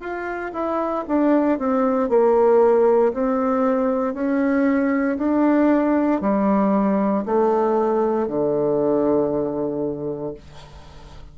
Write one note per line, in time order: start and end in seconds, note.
0.00 0.52 F4
0.53 1.05 E4
1.08 1.59 D4
1.59 2.09 C4
2.09 3.13 A#3
3.14 4.14 C4
4.14 5.17 C#4
5.18 6.21 D4
6.21 7.25 G3
7.26 8.28 A3
8.28 10.34 D3